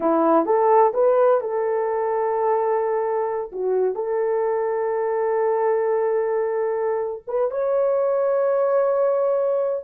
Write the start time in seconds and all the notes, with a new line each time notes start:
0.00 E4
0.45 A4
0.93 B4
1.40 A4
3.52 F#4
3.94 A4
7.27 B4
7.50 C#5